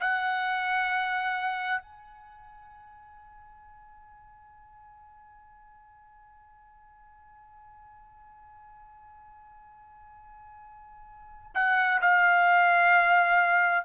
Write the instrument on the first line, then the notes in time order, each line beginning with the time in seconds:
trumpet
0.00 F#5
1.82 G#5
11.54 F#5
12.01 F5